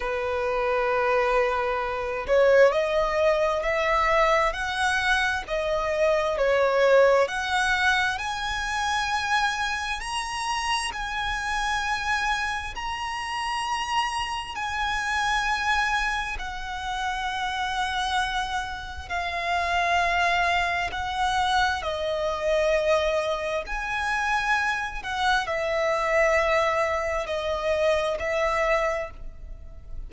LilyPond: \new Staff \with { instrumentName = "violin" } { \time 4/4 \tempo 4 = 66 b'2~ b'8 cis''8 dis''4 | e''4 fis''4 dis''4 cis''4 | fis''4 gis''2 ais''4 | gis''2 ais''2 |
gis''2 fis''2~ | fis''4 f''2 fis''4 | dis''2 gis''4. fis''8 | e''2 dis''4 e''4 | }